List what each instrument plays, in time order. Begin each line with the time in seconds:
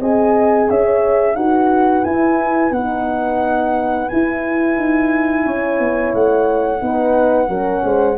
0.00 tuba C4, horn G#4 D#5, flute G#5
0.69 tuba C#4, horn C#5, flute E5
1.35 tuba D#4, horn F#4 B4, flute F#5
2.04 horn E4, tuba E4, flute G#5
2.71 tuba B3, horn D#4, flute F#5
4.08 horn E4, tuba E4, flute G#5
4.77 tuba D#4
5.45 tuba C#4, horn C#5
5.79 tuba B3
6.14 tuba A3, flute F#5
6.79 tuba B3, horn D#4 B4
7.48 tuba F#3, horn C#4 A#4
7.83 tuba G#3, horn C5